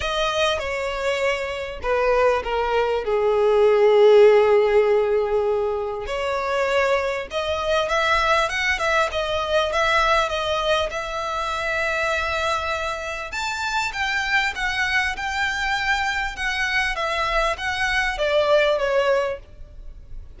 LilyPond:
\new Staff \with { instrumentName = "violin" } { \time 4/4 \tempo 4 = 99 dis''4 cis''2 b'4 | ais'4 gis'2.~ | gis'2 cis''2 | dis''4 e''4 fis''8 e''8 dis''4 |
e''4 dis''4 e''2~ | e''2 a''4 g''4 | fis''4 g''2 fis''4 | e''4 fis''4 d''4 cis''4 | }